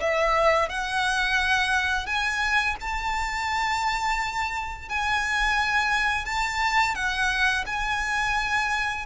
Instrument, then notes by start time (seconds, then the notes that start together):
violin
0.00 E5
0.69 F#5
2.06 G#5
2.80 A5
4.89 G#5
6.25 A5
6.95 F#5
7.66 G#5